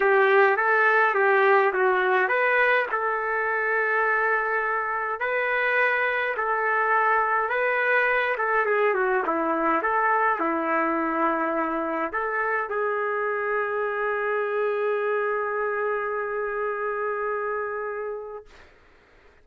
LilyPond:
\new Staff \with { instrumentName = "trumpet" } { \time 4/4 \tempo 4 = 104 g'4 a'4 g'4 fis'4 | b'4 a'2.~ | a'4 b'2 a'4~ | a'4 b'4. a'8 gis'8 fis'8 |
e'4 a'4 e'2~ | e'4 a'4 gis'2~ | gis'1~ | gis'1 | }